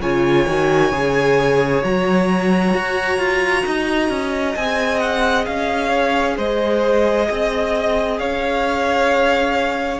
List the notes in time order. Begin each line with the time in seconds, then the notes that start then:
0.00 C#3 F4 C#5 G#5
0.47 D#3 F#4
0.91 C#3 G#4
1.83 F#3 F#4 A#5
2.73 F#4
3.18 F4
3.66 D#4 D#5
4.09 C#4
4.55 C4 G#4 G#5
4.99 F#5
5.45 C#4 F5
5.88 C#5
6.36 G#3 C5 D#5
7.29 C4 D#5
8.18 C#4 C#5 F5